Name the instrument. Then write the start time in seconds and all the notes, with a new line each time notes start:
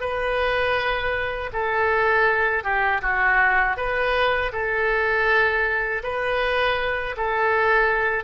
oboe
0.00 B4
1.53 A4
2.64 G4
3.02 F#4
3.77 B4
4.52 A4
6.03 B4
7.17 A4